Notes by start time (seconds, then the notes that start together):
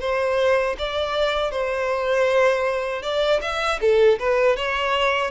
0.00 C5
0.78 D5
1.51 C5
3.02 D5
3.41 E5
3.81 A4
4.19 B4
4.56 C#5